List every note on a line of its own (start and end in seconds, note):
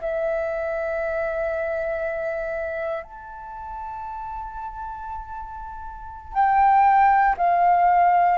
0.00 3.03 E5
3.03 6.33 A5
6.34 7.35 G5
7.37 8.38 F5